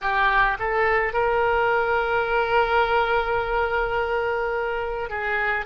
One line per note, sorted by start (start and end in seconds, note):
0.01 0.57 G4
0.59 1.13 A4
1.13 5.09 A#4
5.09 5.65 G#4